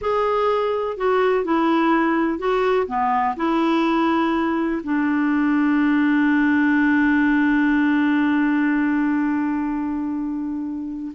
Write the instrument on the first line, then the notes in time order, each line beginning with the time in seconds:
clarinet
0.01 G#4
0.97 F#4
1.44 E4
2.38 F#4
2.87 B3
3.36 E4
4.83 D4